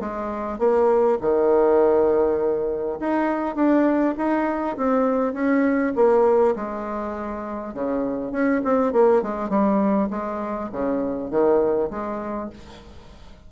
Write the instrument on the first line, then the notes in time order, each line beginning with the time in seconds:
bassoon
0.00 G#3
0.59 A#3
1.22 D#3
3.01 D#4
3.56 D4
4.18 D#4
4.77 C4
5.34 C#4
5.96 A#3
6.56 G#3
7.74 C#3
8.32 C#4
8.65 C4
8.93 A#3
9.22 G#3
9.50 G3
10.11 G#3
10.73 C#3
11.31 D#3
11.91 G#3